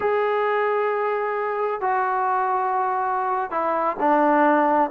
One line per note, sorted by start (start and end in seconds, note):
0.00 1.81 G#4
1.81 3.51 F#4
3.51 3.96 E4
3.99 4.90 D4